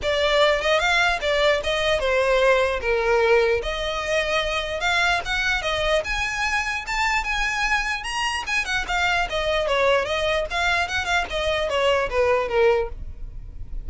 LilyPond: \new Staff \with { instrumentName = "violin" } { \time 4/4 \tempo 4 = 149 d''4. dis''8 f''4 d''4 | dis''4 c''2 ais'4~ | ais'4 dis''2. | f''4 fis''4 dis''4 gis''4~ |
gis''4 a''4 gis''2 | ais''4 gis''8 fis''8 f''4 dis''4 | cis''4 dis''4 f''4 fis''8 f''8 | dis''4 cis''4 b'4 ais'4 | }